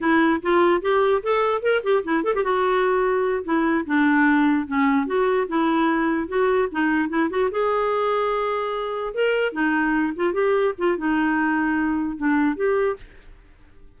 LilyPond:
\new Staff \with { instrumentName = "clarinet" } { \time 4/4 \tempo 4 = 148 e'4 f'4 g'4 a'4 | ais'8 g'8 e'8 a'16 g'16 fis'2~ | fis'8 e'4 d'2 cis'8~ | cis'8 fis'4 e'2 fis'8~ |
fis'8 dis'4 e'8 fis'8 gis'4.~ | gis'2~ gis'8 ais'4 dis'8~ | dis'4 f'8 g'4 f'8 dis'4~ | dis'2 d'4 g'4 | }